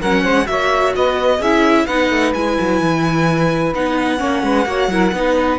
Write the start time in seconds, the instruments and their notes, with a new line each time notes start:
0.00 cello F#3, viola C#4, saxophone A#4, violin F#5
0.23 cello G#3, saxophone C5
0.46 cello A#3, viola F#4, saxophone C#5, violin E5
0.96 cello B3, saxophone B4, violin D#5
1.37 cello C#4, saxophone G#4, violin E5
1.44 viola E4
1.86 cello B3, viola D#4, saxophone B4, violin F#5
2.10 cello A3
2.34 cello G#3, viola E4, violin G#5
2.61 cello F#3
2.81 cello E3
3.75 cello B3, viola D#4, violin F#5
4.18 cello A#3, viola C#4, saxophone C#5
4.43 cello G#3, saxophone B4
4.66 cello A#3, viola F#4, saxophone C#5
4.88 cello F#3, viola E4, saxophone A#4
5.13 cello B3, viola D#4, saxophone B4